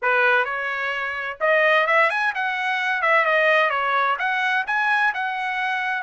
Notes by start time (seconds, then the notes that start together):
0.02 B4
0.44 C#5
1.40 D#5
1.86 E5
2.10 G#5
2.34 F#5
3.02 E5
3.25 D#5
3.70 C#5
4.18 F#5
4.66 G#5
5.14 F#5